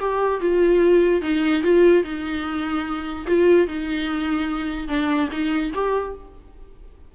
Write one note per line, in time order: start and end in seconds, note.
0.00 0.41 G4
0.41 1.22 F4
1.22 1.63 D#4
1.63 2.04 F4
2.04 3.26 D#4
3.27 3.67 F4
3.67 4.88 D#4
4.88 5.29 D4
5.32 5.73 D#4
5.74 6.15 G4